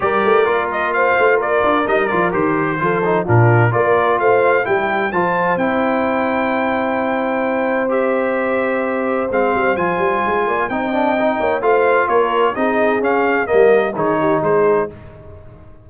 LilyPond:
<<
  \new Staff \with { instrumentName = "trumpet" } { \time 4/4 \tempo 4 = 129 d''4. dis''8 f''4 d''4 | dis''8 d''8 c''2 ais'4 | d''4 f''4 g''4 a''4 | g''1~ |
g''4 e''2. | f''4 gis''2 g''4~ | g''4 f''4 cis''4 dis''4 | f''4 dis''4 cis''4 c''4 | }
  \new Staff \with { instrumentName = "horn" } { \time 4/4 ais'2 c''4 ais'4~ | ais'2 a'4 f'4 | ais'4 c''4 g'4 c''4~ | c''1~ |
c''1~ | c''2~ c''8 d''8 dis''4~ | dis''8 cis''8 c''4 ais'4 gis'4~ | gis'4 ais'4 gis'8 g'8 gis'4 | }
  \new Staff \with { instrumentName = "trombone" } { \time 4/4 g'4 f'2. | dis'8 f'8 g'4 f'8 dis'8 d'4 | f'2 e'4 f'4 | e'1~ |
e'4 g'2. | c'4 f'2 dis'8 d'8 | dis'4 f'2 dis'4 | cis'4 ais4 dis'2 | }
  \new Staff \with { instrumentName = "tuba" } { \time 4/4 g8 a8 ais4. a8 ais8 d'8 | g8 f8 dis4 f4 ais,4 | ais4 a4 g4 f4 | c'1~ |
c'1 | gis8 g8 f8 g8 gis8 ais8 c'4~ | c'8 ais8 a4 ais4 c'4 | cis'4 g4 dis4 gis4 | }
>>